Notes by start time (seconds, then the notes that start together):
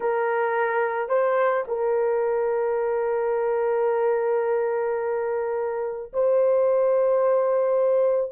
0.00 A#4
1.09 C5
1.67 A#4
6.13 C5